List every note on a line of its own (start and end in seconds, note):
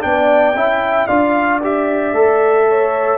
0.00 0.54 B3
0.00 0.53 D4
0.00 0.57 D5
0.00 1.07 G5
0.54 1.07 C#4
0.54 1.08 E4
0.54 1.07 E5
1.07 2.12 D4
1.07 1.61 F4
1.07 2.65 D5
1.07 1.59 F5
1.63 2.14 G4
1.63 3.18 E5
2.12 3.18 A3
2.12 3.18 A4
2.68 3.18 C#5